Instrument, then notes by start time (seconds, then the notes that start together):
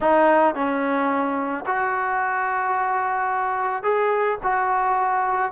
trombone
0.01 D#4
0.55 C#4
1.66 F#4
3.83 G#4
4.43 F#4